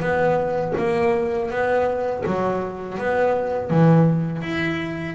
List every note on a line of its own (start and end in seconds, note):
0.00 0.73 B3
0.77 1.50 A#3
1.50 2.24 B3
2.26 2.98 F#3
2.98 3.70 B3
3.70 4.41 E3
4.41 5.15 E4